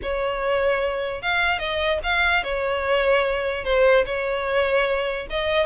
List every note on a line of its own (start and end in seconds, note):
0.02 1.22 C#5
1.22 1.58 F5
1.58 1.99 D#5
2.03 2.43 F5
2.43 3.64 C#5
3.64 4.04 C5
4.05 5.27 C#5
5.29 5.66 D#5